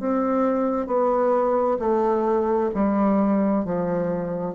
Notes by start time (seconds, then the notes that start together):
0.00 C4
0.87 B3
1.80 A3
2.75 G3
3.65 F3